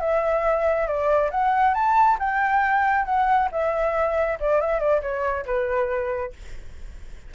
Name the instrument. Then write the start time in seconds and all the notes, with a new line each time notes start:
flute
0.00 E5
0.87 D5
1.31 F#5
1.74 A5
2.19 G5
3.05 F#5
3.51 E5
4.40 D5
4.61 E5
4.79 D5
5.02 C#5
5.46 B4